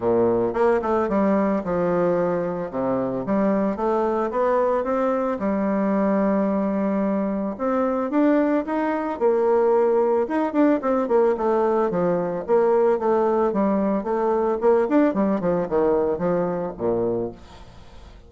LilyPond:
\new Staff \with { instrumentName = "bassoon" } { \time 4/4 \tempo 4 = 111 ais,4 ais8 a8 g4 f4~ | f4 c4 g4 a4 | b4 c'4 g2~ | g2 c'4 d'4 |
dis'4 ais2 dis'8 d'8 | c'8 ais8 a4 f4 ais4 | a4 g4 a4 ais8 d'8 | g8 f8 dis4 f4 ais,4 | }